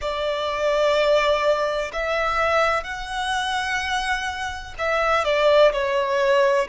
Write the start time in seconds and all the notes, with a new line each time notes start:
0.01 D5
1.93 E5
2.83 F#5
4.78 E5
5.24 D5
5.72 C#5